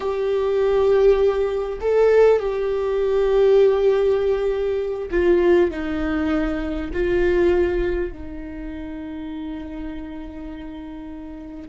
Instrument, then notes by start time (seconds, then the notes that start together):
viola
0.00 G4
1.80 A4
2.39 G4
5.10 F4
5.71 D#4
6.93 F4
8.12 D#4